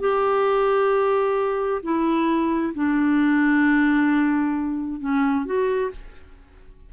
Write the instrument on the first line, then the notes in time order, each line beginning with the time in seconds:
clarinet
0.00 G4
1.83 E4
2.74 D4
5.00 C#4
5.45 F#4